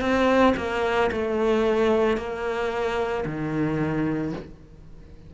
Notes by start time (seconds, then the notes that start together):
0.00 C4
0.56 A#3
1.11 A3
2.17 A#3
3.25 D#3